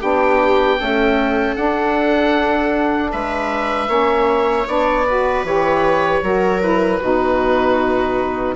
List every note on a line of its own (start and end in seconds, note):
0.00 0.80 B3
0.00 0.78 D4
0.00 0.78 G4
0.00 1.56 G5
0.78 1.56 A3
0.78 1.56 C#4
0.78 3.12 A4
1.56 3.87 D4
1.56 3.12 D4
1.56 3.12 F#5
3.12 3.88 G#3
3.12 3.89 B4
3.12 4.68 E5
3.87 4.66 A#3
3.87 4.65 C#4
3.87 5.06 C#5
4.67 5.44 B3
4.67 5.06 D4
4.67 5.46 D5
5.06 5.45 F#4
5.06 6.23 B4
5.44 6.22 E3
5.44 6.22 G4
5.44 6.62 C#5
6.22 7.00 F#3
6.22 6.61 F#4
6.22 7.00 A#4
6.61 7.00 E4
6.61 8.56 B4
7.00 8.56 B2
7.00 8.56 D#4
7.00 8.56 F#4